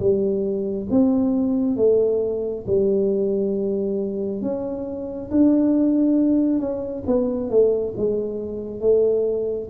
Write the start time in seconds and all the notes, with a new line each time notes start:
0.00 G3
0.91 C4
1.77 A3
2.67 G3
4.42 C#4
5.31 D4
6.59 C#4
7.07 B3
7.50 A3
7.97 G#3
8.80 A3